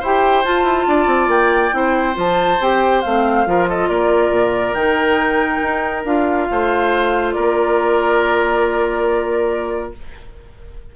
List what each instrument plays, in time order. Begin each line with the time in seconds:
0.00 bassoon E4, clarinet G4, oboe C5, flute G5
0.45 clarinet F4, bassoon F4, flute A5
0.63 bassoon E4
0.87 bassoon D4, oboe D5
1.07 bassoon C4
1.28 bassoon A#3, flute G5
1.72 bassoon C4, clarinet E4, oboe C5
2.14 bassoon F3, clarinet F4, flute A5
2.61 bassoon C4, clarinet G4, flute G5
3.02 bassoon A3, clarinet C4, flute F5
3.46 bassoon F3, clarinet F4, oboe A#4
3.68 oboe A4, flute D#5
3.89 bassoon A#3, oboe A#4, flute D5
4.31 bassoon A#2
4.74 bassoon D#3, clarinet D#4, flute G5
5.63 bassoon D#4
6.05 bassoon D4, clarinet F4, flute F5
6.51 bassoon A3, oboe C5
7.33 bassoon A#3, oboe A#4, flute D5